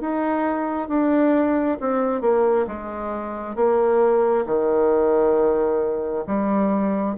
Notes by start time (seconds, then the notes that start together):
0.00 D#4
0.88 D4
1.80 C4
2.21 A#3
2.67 G#3
3.55 A#3
4.45 D#3
6.26 G3